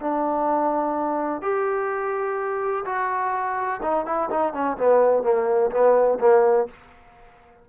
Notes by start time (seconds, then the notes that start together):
0.00 D4
1.41 G4
2.85 F#4
3.82 D#4
4.05 E4
4.30 D#4
4.53 C#4
4.77 B3
5.23 A#3
5.71 B3
6.19 A#3